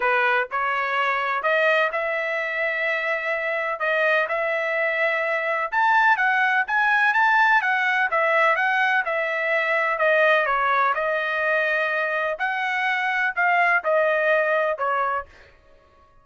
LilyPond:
\new Staff \with { instrumentName = "trumpet" } { \time 4/4 \tempo 4 = 126 b'4 cis''2 dis''4 | e''1 | dis''4 e''2. | a''4 fis''4 gis''4 a''4 |
fis''4 e''4 fis''4 e''4~ | e''4 dis''4 cis''4 dis''4~ | dis''2 fis''2 | f''4 dis''2 cis''4 | }